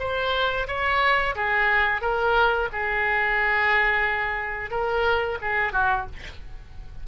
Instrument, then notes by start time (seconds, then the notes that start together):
oboe
0.00 C5
0.68 C#5
1.35 G#4
2.02 A#4
2.72 G#4
4.71 A#4
5.42 G#4
5.73 F#4